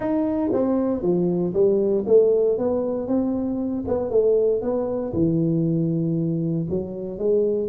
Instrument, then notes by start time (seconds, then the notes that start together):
tuba
0.00 D#4
0.52 C4
1.02 F3
1.53 G3
2.07 A3
2.58 B3
3.07 C4
3.87 B3
4.10 A3
4.61 B3
5.13 E3
6.69 F#3
7.18 G#3